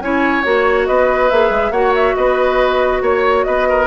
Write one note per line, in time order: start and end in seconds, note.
0.00 0.43 C#4
0.00 0.44 E4
0.00 0.88 C#5
0.00 0.43 G#5
0.43 0.89 A#3
0.43 1.30 F#4
0.43 0.86 C#5
0.86 1.32 B3
0.86 1.72 B4
0.86 1.29 D#5
1.30 1.50 A#3
1.30 1.74 G#4
1.30 1.73 E5
1.50 1.71 G#3
1.71 2.14 A#3
1.71 3.87 F#4
1.71 2.16 C#5
1.71 1.94 F#5
1.95 2.16 E5
2.16 3.02 B3
2.16 3.03 B4
2.16 3.02 D#5
3.02 3.45 A#3
3.02 3.46 C#5
3.02 3.45 C#5
3.45 3.87 B3
3.45 3.68 B4
3.45 3.87 D#5
3.69 3.87 A#4